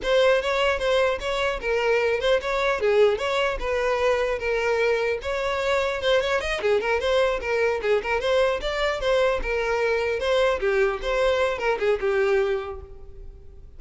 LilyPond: \new Staff \with { instrumentName = "violin" } { \time 4/4 \tempo 4 = 150 c''4 cis''4 c''4 cis''4 | ais'4. c''8 cis''4 gis'4 | cis''4 b'2 ais'4~ | ais'4 cis''2 c''8 cis''8 |
dis''8 gis'8 ais'8 c''4 ais'4 gis'8 | ais'8 c''4 d''4 c''4 ais'8~ | ais'4. c''4 g'4 c''8~ | c''4 ais'8 gis'8 g'2 | }